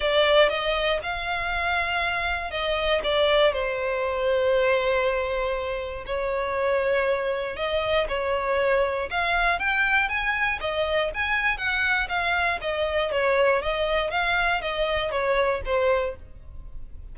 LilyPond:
\new Staff \with { instrumentName = "violin" } { \time 4/4 \tempo 4 = 119 d''4 dis''4 f''2~ | f''4 dis''4 d''4 c''4~ | c''1 | cis''2. dis''4 |
cis''2 f''4 g''4 | gis''4 dis''4 gis''4 fis''4 | f''4 dis''4 cis''4 dis''4 | f''4 dis''4 cis''4 c''4 | }